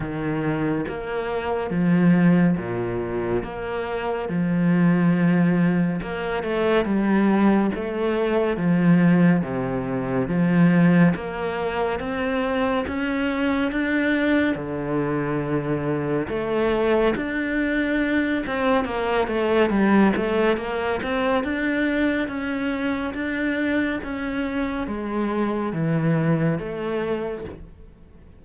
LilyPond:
\new Staff \with { instrumentName = "cello" } { \time 4/4 \tempo 4 = 70 dis4 ais4 f4 ais,4 | ais4 f2 ais8 a8 | g4 a4 f4 c4 | f4 ais4 c'4 cis'4 |
d'4 d2 a4 | d'4. c'8 ais8 a8 g8 a8 | ais8 c'8 d'4 cis'4 d'4 | cis'4 gis4 e4 a4 | }